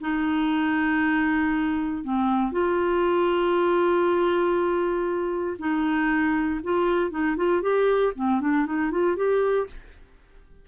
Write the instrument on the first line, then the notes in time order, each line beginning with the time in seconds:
clarinet
0.00 D#4
2.03 C4
2.51 F4
5.58 D#4
6.63 F4
7.10 D#4
7.36 F4
7.62 G4
8.15 C4
8.40 D4
8.65 D#4
8.91 F4
9.16 G4